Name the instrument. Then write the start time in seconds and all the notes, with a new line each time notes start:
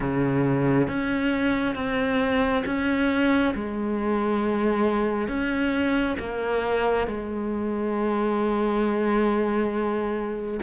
cello
0.00 C#3
0.88 C#4
1.75 C4
2.65 C#4
3.54 G#3
5.28 C#4
6.19 A#3
7.07 G#3